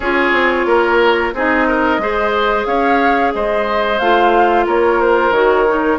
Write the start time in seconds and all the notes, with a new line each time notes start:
0.00 C#4 F4 G#4 C#5
0.32 C4
0.65 A#3 A#4
1.33 C4 D#4 G#4 D#5
1.67 A#4
1.98 G#3 G#4 C5
2.65 C#4 C#5 F5
3.33 G#3 C5 D#5
3.98 A3 F4 F5
4.65 A#3 A#4 C#5
5.01 C5
5.30 D#3 F#4 C#5
5.67 D#4